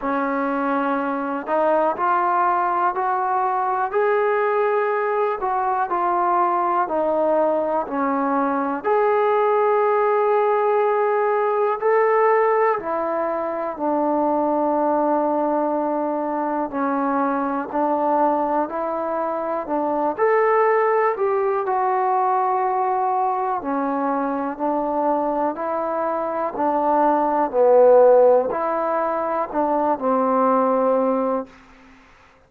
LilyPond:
\new Staff \with { instrumentName = "trombone" } { \time 4/4 \tempo 4 = 61 cis'4. dis'8 f'4 fis'4 | gis'4. fis'8 f'4 dis'4 | cis'4 gis'2. | a'4 e'4 d'2~ |
d'4 cis'4 d'4 e'4 | d'8 a'4 g'8 fis'2 | cis'4 d'4 e'4 d'4 | b4 e'4 d'8 c'4. | }